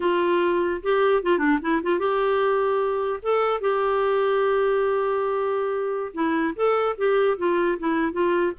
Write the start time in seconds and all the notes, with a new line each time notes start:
0.00 F4
0.83 G4
1.22 F4
1.38 D4
1.61 E4
1.82 F4
1.99 G4
3.22 A4
3.60 G4
6.13 E4
6.55 A4
6.97 G4
7.37 F4
7.78 E4
8.12 F4